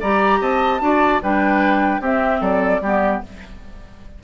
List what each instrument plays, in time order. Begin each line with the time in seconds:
0.00 bassoon G3, clarinet G4, oboe D5, flute A#5
0.41 bassoon C4, oboe D#5, flute A5
0.80 bassoon D4, clarinet F#4, oboe D5
1.22 bassoon G3, clarinet D4, oboe B4, flute G5
2.00 bassoon C4, clarinet C4, oboe G4, flute E5
2.40 bassoon F#3, oboe A4, flute D5
2.81 bassoon G3, clarinet B3, oboe G4